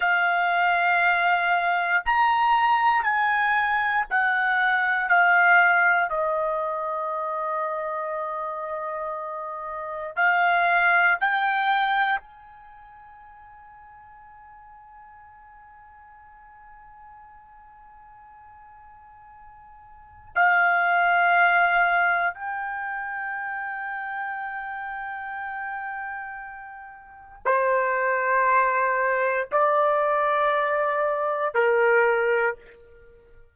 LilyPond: \new Staff \with { instrumentName = "trumpet" } { \time 4/4 \tempo 4 = 59 f''2 ais''4 gis''4 | fis''4 f''4 dis''2~ | dis''2 f''4 g''4 | gis''1~ |
gis''1 | f''2 g''2~ | g''2. c''4~ | c''4 d''2 ais'4 | }